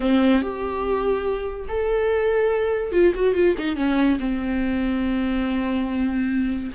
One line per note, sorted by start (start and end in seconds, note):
0.00 0.41 C4
0.41 1.67 G4
1.68 2.92 A4
2.92 3.13 F4
3.14 3.34 F#4
3.34 3.55 F4
3.57 3.76 D#4
3.76 4.18 C#4
4.19 6.71 C4